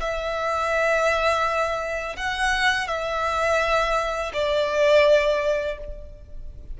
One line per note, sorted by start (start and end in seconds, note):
0.00 2.16 E5
2.16 2.87 F#5
2.87 4.32 E5
4.33 5.78 D5